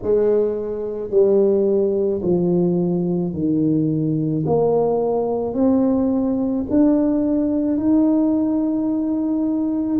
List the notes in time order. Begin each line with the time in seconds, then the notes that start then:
0.02 G#3
1.10 G3
2.22 F3
3.33 D#3
4.45 A#3
5.54 C4
6.70 D4
7.77 D#4